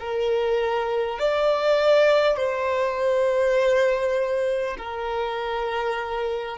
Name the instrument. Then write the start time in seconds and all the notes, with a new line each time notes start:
violin
0.00 A#4
1.19 D5
2.37 C5
4.78 A#4